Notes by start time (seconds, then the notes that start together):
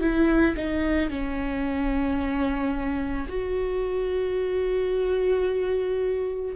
0.00 E4
0.56 D#4
1.09 C#4
3.28 F#4